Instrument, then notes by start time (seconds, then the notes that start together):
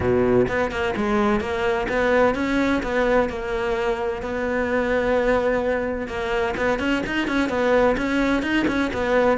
cello
0.00 B2
0.48 B3
0.71 A#3
0.96 G#3
1.40 A#3
1.88 B3
2.35 C#4
2.82 B3
3.29 A#3
4.22 B3
6.07 A#3
6.56 B3
6.79 C#4
7.06 D#4
7.27 C#4
7.49 B3
7.97 C#4
8.42 D#4
8.67 C#4
8.93 B3